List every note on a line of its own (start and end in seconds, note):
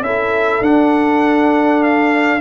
0.00 0.60 C#4
0.00 0.62 E4
0.00 2.40 A4
0.00 0.63 E5
0.60 2.40 D4
0.60 1.83 F#5
1.83 2.40 F5